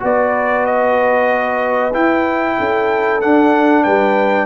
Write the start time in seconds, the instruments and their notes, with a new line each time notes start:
0.00 tuba B3, trombone F#4, horn B4, trumpet D5
0.66 trumpet D#5
1.93 trombone E4, tuba E4, trumpet G5
2.58 tuba C#4, horn A4
3.21 trombone D4, tuba D4, trumpet F#5
3.83 tuba G3, horn B4, trumpet G5